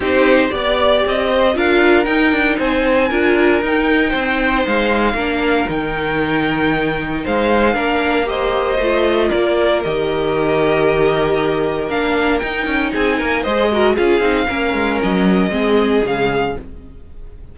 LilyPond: <<
  \new Staff \with { instrumentName = "violin" } { \time 4/4 \tempo 4 = 116 c''4 d''4 dis''4 f''4 | g''4 gis''2 g''4~ | g''4 f''2 g''4~ | g''2 f''2 |
dis''2 d''4 dis''4~ | dis''2. f''4 | g''4 gis''4 dis''4 f''4~ | f''4 dis''2 f''4 | }
  \new Staff \with { instrumentName = "violin" } { \time 4/4 g'4 d''4. c''8 ais'4~ | ais'4 c''4 ais'2 | c''2 ais'2~ | ais'2 c''4 ais'4 |
c''2 ais'2~ | ais'1~ | ais'4 gis'8 ais'8 c''8 ais'8 gis'4 | ais'2 gis'2 | }
  \new Staff \with { instrumentName = "viola" } { \time 4/4 dis'4 g'2 f'4 | dis'2 f'4 dis'4~ | dis'2 d'4 dis'4~ | dis'2. d'4 |
g'4 f'2 g'4~ | g'2. d'4 | dis'2 gis'8 fis'8 f'8 dis'8 | cis'2 c'4 gis4 | }
  \new Staff \with { instrumentName = "cello" } { \time 4/4 c'4 b4 c'4 d'4 | dis'8 d'8 c'4 d'4 dis'4 | c'4 gis4 ais4 dis4~ | dis2 gis4 ais4~ |
ais4 a4 ais4 dis4~ | dis2. ais4 | dis'8 cis'8 c'8 ais8 gis4 cis'8 c'8 | ais8 gis8 fis4 gis4 cis4 | }
>>